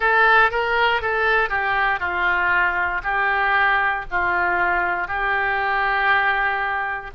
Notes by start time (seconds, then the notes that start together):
0.00 A4
0.50 A#4
1.01 A4
1.49 G4
1.99 F4
3.03 G4
4.10 F4
5.07 G4